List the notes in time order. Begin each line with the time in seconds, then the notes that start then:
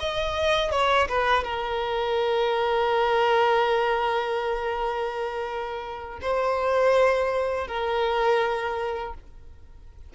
0.00 D#5
0.72 C#5
1.09 B4
1.44 A#4
6.22 C5
7.68 A#4